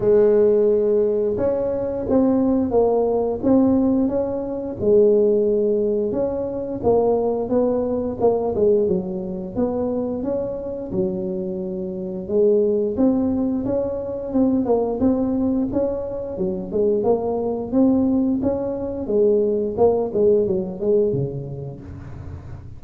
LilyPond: \new Staff \with { instrumentName = "tuba" } { \time 4/4 \tempo 4 = 88 gis2 cis'4 c'4 | ais4 c'4 cis'4 gis4~ | gis4 cis'4 ais4 b4 | ais8 gis8 fis4 b4 cis'4 |
fis2 gis4 c'4 | cis'4 c'8 ais8 c'4 cis'4 | fis8 gis8 ais4 c'4 cis'4 | gis4 ais8 gis8 fis8 gis8 cis4 | }